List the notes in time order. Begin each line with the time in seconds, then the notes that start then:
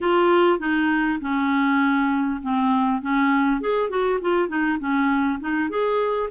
0.00 F4
0.59 D#4
1.21 C#4
2.42 C4
3.01 C#4
3.60 G#4
3.89 F#4
4.21 F4
4.48 D#4
4.79 C#4
5.40 D#4
5.69 G#4